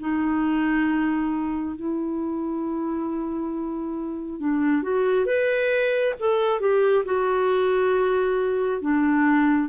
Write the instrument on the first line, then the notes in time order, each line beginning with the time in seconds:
clarinet
0.00 D#4
1.76 E4
4.40 D4
4.82 F#4
5.26 B4
6.20 A4
6.60 G4
7.05 F#4
8.82 D4